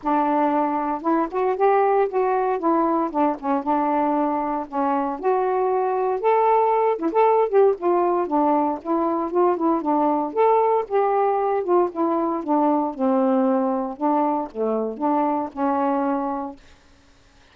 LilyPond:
\new Staff \with { instrumentName = "saxophone" } { \time 4/4 \tempo 4 = 116 d'2 e'8 fis'8 g'4 | fis'4 e'4 d'8 cis'8 d'4~ | d'4 cis'4 fis'2 | a'4. e'16 a'8. g'8 f'4 |
d'4 e'4 f'8 e'8 d'4 | a'4 g'4. f'8 e'4 | d'4 c'2 d'4 | a4 d'4 cis'2 | }